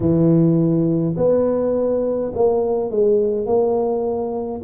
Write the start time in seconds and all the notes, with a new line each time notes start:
0.00 E3
1.16 B3
2.34 A#3
2.90 G#3
3.46 A#3